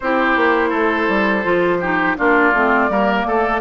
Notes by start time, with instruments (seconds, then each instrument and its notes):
0.00 bassoon C4, clarinet E4, oboe G4, flute C5
0.36 bassoon A#3
0.69 bassoon A3, oboe A4
1.08 bassoon G3
1.43 bassoon F3, clarinet F4
1.80 clarinet D#4, oboe G4
2.16 bassoon A#3, clarinet D4, oboe F4, flute D5
2.53 bassoon A3, clarinet C4
2.89 bassoon G3, clarinet A#3, oboe A#4
3.25 bassoon A3, oboe A4